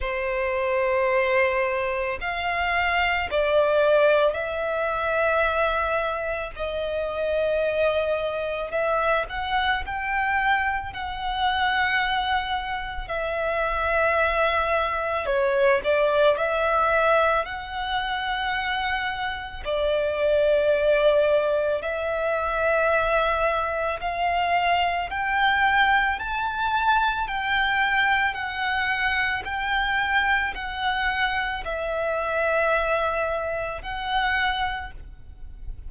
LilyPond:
\new Staff \with { instrumentName = "violin" } { \time 4/4 \tempo 4 = 55 c''2 f''4 d''4 | e''2 dis''2 | e''8 fis''8 g''4 fis''2 | e''2 cis''8 d''8 e''4 |
fis''2 d''2 | e''2 f''4 g''4 | a''4 g''4 fis''4 g''4 | fis''4 e''2 fis''4 | }